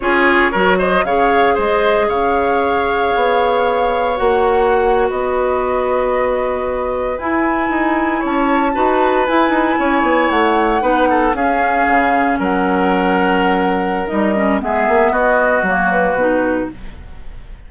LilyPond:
<<
  \new Staff \with { instrumentName = "flute" } { \time 4/4 \tempo 4 = 115 cis''4. dis''8 f''4 dis''4 | f''1 | fis''4.~ fis''16 dis''2~ dis''16~ | dis''4.~ dis''16 gis''2 a''16~ |
a''4.~ a''16 gis''2 fis''16~ | fis''4.~ fis''16 f''2 fis''16~ | fis''2. dis''4 | e''4 dis''4 cis''8 b'4. | }
  \new Staff \with { instrumentName = "oboe" } { \time 4/4 gis'4 ais'8 c''8 cis''4 c''4 | cis''1~ | cis''4.~ cis''16 b'2~ b'16~ | b'2.~ b'8. cis''16~ |
cis''8. b'2 cis''4~ cis''16~ | cis''8. b'8 a'8 gis'2 ais'16~ | ais'1 | gis'4 fis'2. | }
  \new Staff \with { instrumentName = "clarinet" } { \time 4/4 f'4 fis'4 gis'2~ | gis'1 | fis'1~ | fis'4.~ fis'16 e'2~ e'16~ |
e'8. fis'4 e'2~ e'16~ | e'8. dis'4 cis'2~ cis'16~ | cis'2. dis'8 cis'8 | b2 ais4 dis'4 | }
  \new Staff \with { instrumentName = "bassoon" } { \time 4/4 cis'4 fis4 cis4 gis4 | cis2 b2 | ais4.~ ais16 b2~ b16~ | b4.~ b16 e'4 dis'4 cis'16~ |
cis'8. dis'4 e'8 dis'8 cis'8 b8 a16~ | a8. b4 cis'4 cis4 fis16~ | fis2. g4 | gis8 ais8 b4 fis4 b,4 | }
>>